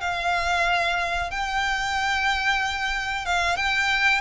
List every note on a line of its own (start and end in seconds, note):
0.00 1.30 F5
1.30 3.25 G5
3.25 3.56 F5
3.56 4.20 G5